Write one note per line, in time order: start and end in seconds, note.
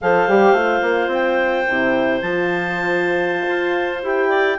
0.01 0.27 F3
0.01 0.28 A4
0.01 4.29 C5
0.01 1.12 F5
0.27 0.52 G3
0.27 0.55 G4
0.52 0.79 A3
0.52 1.66 F4
0.81 1.07 A#3
1.07 1.63 C4
1.07 2.21 G5
1.67 2.21 C3
1.67 2.22 E4
2.21 3.46 F3
2.21 4.02 F4
2.21 4.01 A5
3.47 4.03 F4
4.02 4.58 E4
4.02 4.57 G4
4.02 4.58 G5
4.29 4.57 D5